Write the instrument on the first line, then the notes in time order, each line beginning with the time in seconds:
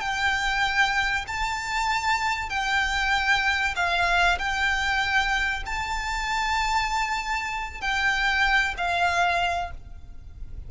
violin
0.00 G5
1.27 A5
2.49 G5
3.75 F5
4.38 G5
5.65 A5
7.80 G5
8.77 F5